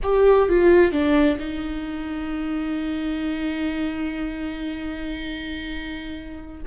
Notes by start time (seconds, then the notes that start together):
0.02 G4
0.48 F4
0.92 D4
1.39 D#4